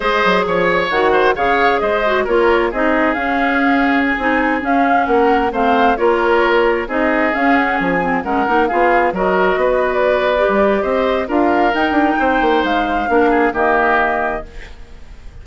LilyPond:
<<
  \new Staff \with { instrumentName = "flute" } { \time 4/4 \tempo 4 = 133 dis''4 cis''4 fis''4 f''4 | dis''4 cis''4 dis''4 f''4~ | f''4 gis''4~ gis''16 f''4 fis''8.~ | fis''16 f''4 cis''2 dis''8.~ |
dis''16 f''8 fis''8 gis''4 fis''4 f''8.~ | f''16 dis''4.~ dis''16 d''2 | dis''4 f''4 g''2 | f''2 dis''2 | }
  \new Staff \with { instrumentName = "oboe" } { \time 4/4 c''4 cis''4. c''8 cis''4 | c''4 ais'4 gis'2~ | gis'2.~ gis'16 ais'8.~ | ais'16 c''4 ais'2 gis'8.~ |
gis'2~ gis'16 ais'4 gis'8.~ | gis'16 ais'4 b'2~ b'8. | c''4 ais'2 c''4~ | c''4 ais'8 gis'8 g'2 | }
  \new Staff \with { instrumentName = "clarinet" } { \time 4/4 gis'2 fis'4 gis'4~ | gis'8 fis'8 f'4 dis'4 cis'4~ | cis'4~ cis'16 dis'4 cis'4.~ cis'16~ | cis'16 c'4 f'2 dis'8.~ |
dis'16 cis'4. c'8 cis'8 dis'8 f'8.~ | f'16 fis'2~ fis'8. g'4~ | g'4 f'4 dis'2~ | dis'4 d'4 ais2 | }
  \new Staff \with { instrumentName = "bassoon" } { \time 4/4 gis8 fis8 f4 dis4 cis4 | gis4 ais4 c'4 cis'4~ | cis'4~ cis'16 c'4 cis'4 ais8.~ | ais16 a4 ais2 c'8.~ |
c'16 cis'4 f4 gis8 ais8 b8.~ | b16 fis4 b2 g8. | c'4 d'4 dis'8 d'8 c'8 ais8 | gis4 ais4 dis2 | }
>>